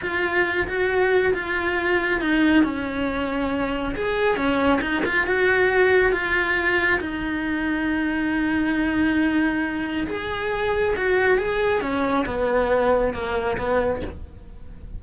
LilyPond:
\new Staff \with { instrumentName = "cello" } { \time 4/4 \tempo 4 = 137 f'4. fis'4. f'4~ | f'4 dis'4 cis'2~ | cis'4 gis'4 cis'4 dis'8 f'8 | fis'2 f'2 |
dis'1~ | dis'2. gis'4~ | gis'4 fis'4 gis'4 cis'4 | b2 ais4 b4 | }